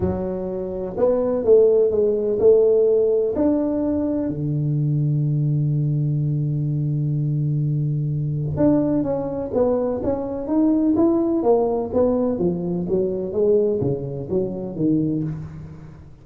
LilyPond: \new Staff \with { instrumentName = "tuba" } { \time 4/4 \tempo 4 = 126 fis2 b4 a4 | gis4 a2 d'4~ | d'4 d2.~ | d1~ |
d2 d'4 cis'4 | b4 cis'4 dis'4 e'4 | ais4 b4 f4 fis4 | gis4 cis4 fis4 dis4 | }